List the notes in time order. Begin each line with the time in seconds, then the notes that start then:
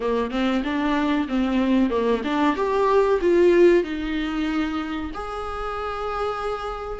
0.00 A#3
0.30 C4
0.64 D4
1.28 C4
1.90 A#3
2.23 D4
2.55 G4
3.21 F4
3.83 D#4
5.14 G#4